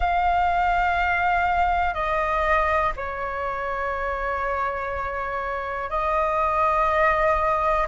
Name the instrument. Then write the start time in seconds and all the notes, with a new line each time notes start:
flute
0.00 F5
1.94 D#5
2.96 C#5
5.90 D#5